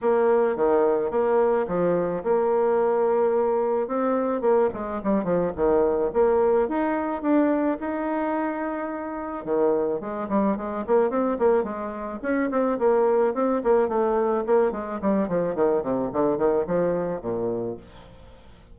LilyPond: \new Staff \with { instrumentName = "bassoon" } { \time 4/4 \tempo 4 = 108 ais4 dis4 ais4 f4 | ais2. c'4 | ais8 gis8 g8 f8 dis4 ais4 | dis'4 d'4 dis'2~ |
dis'4 dis4 gis8 g8 gis8 ais8 | c'8 ais8 gis4 cis'8 c'8 ais4 | c'8 ais8 a4 ais8 gis8 g8 f8 | dis8 c8 d8 dis8 f4 ais,4 | }